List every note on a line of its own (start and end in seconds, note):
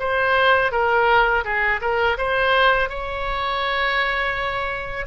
0.00 0.72 C5
0.72 1.45 A#4
1.45 1.81 G#4
1.81 2.18 A#4
2.18 2.89 C5
2.89 5.06 C#5